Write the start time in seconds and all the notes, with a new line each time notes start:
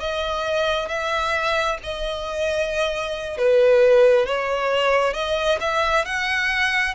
0.00 D#5
0.88 E5
1.83 D#5
3.37 B4
4.26 C#5
5.13 D#5
5.60 E5
6.05 F#5